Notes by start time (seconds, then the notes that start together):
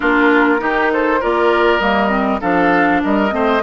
0.00 A#3 D4 F4 A#4
0.58 D#3 D#4 G4
0.92 A4 C5
1.19 A#3 F4 A#4 D5
1.79 G3 A#3 D#5
2.08 C4
2.40 F3 D4 A4 F5
3.03 G3 A#4 D#5
3.30 A3 C4 C5